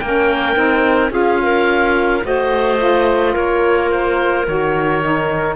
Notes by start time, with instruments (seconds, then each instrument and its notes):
0.00 cello A#3, saxophone C#4, clarinet A#4, oboe G5
0.56 cello C4, saxophone D#4
1.10 cello C#4, saxophone F4, clarinet G#4, oboe F5
1.43 clarinet A#4
2.22 cello A3, saxophone F#4, clarinet C5, oboe D#5
2.78 saxophone F4
3.34 cello A#3, clarinet A#4, oboe C#5
3.91 oboe C5
4.47 cello D#3, saxophone F#4, oboe C#5
5.01 saxophone D#4